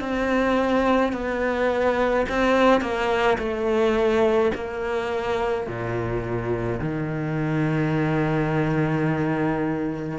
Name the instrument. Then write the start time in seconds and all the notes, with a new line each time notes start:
cello
0.00 C4
1.12 B3
2.28 C4
2.80 A#3
3.38 A3
4.54 A#3
5.67 A#2
6.79 D#3